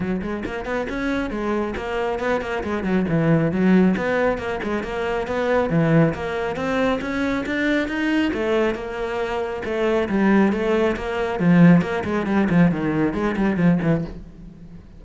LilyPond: \new Staff \with { instrumentName = "cello" } { \time 4/4 \tempo 4 = 137 fis8 gis8 ais8 b8 cis'4 gis4 | ais4 b8 ais8 gis8 fis8 e4 | fis4 b4 ais8 gis8 ais4 | b4 e4 ais4 c'4 |
cis'4 d'4 dis'4 a4 | ais2 a4 g4 | a4 ais4 f4 ais8 gis8 | g8 f8 dis4 gis8 g8 f8 e8 | }